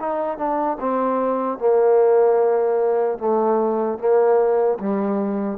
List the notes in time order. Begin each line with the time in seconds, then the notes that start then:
0.00 D#4
0.38 D4
0.80 C4
1.59 A#3
3.19 A3
3.99 A#3
4.80 G3